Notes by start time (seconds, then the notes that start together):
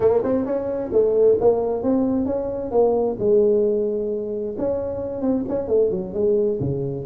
0.00 A#3
0.23 C4
0.45 C#4
0.92 A3
1.40 A#3
1.82 C4
2.25 C#4
2.71 A#3
3.19 G#3
4.57 C#4
5.21 C4
5.48 C#4
5.68 A3
5.90 F#3
6.13 G#3
6.60 C#3